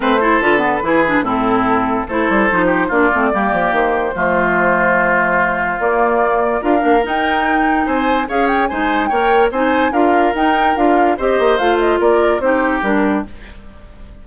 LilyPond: <<
  \new Staff \with { instrumentName = "flute" } { \time 4/4 \tempo 4 = 145 c''4 b'2 a'4~ | a'4 c''2 d''4~ | d''4 c''2.~ | c''2 d''2 |
f''4 g''2 gis''4 | f''8 g''8 gis''4 g''4 gis''4 | f''4 g''4 f''4 dis''4 | f''8 dis''8 d''4 c''4 ais'4 | }
  \new Staff \with { instrumentName = "oboe" } { \time 4/4 b'8 a'4. gis'4 e'4~ | e'4 a'4. g'8 f'4 | g'2 f'2~ | f'1 |
ais'2. c''4 | cis''4 c''4 cis''4 c''4 | ais'2. c''4~ | c''4 ais'4 g'2 | }
  \new Staff \with { instrumentName = "clarinet" } { \time 4/4 c'8 e'8 f'8 b8 e'8 d'8 c'4~ | c'4 e'4 dis'4 d'8 c'8 | ais2 a2~ | a2 ais2 |
f'8 d'8 dis'2. | gis'4 dis'4 ais'4 dis'4 | f'4 dis'4 f'4 g'4 | f'2 dis'4 d'4 | }
  \new Staff \with { instrumentName = "bassoon" } { \time 4/4 a4 d4 e4 a,4~ | a,4 a8 g8 f4 ais8 a8 | g8 f8 dis4 f2~ | f2 ais2 |
d'8 ais8 dis'2 c'4 | cis'4 gis4 ais4 c'4 | d'4 dis'4 d'4 c'8 ais8 | a4 ais4 c'4 g4 | }
>>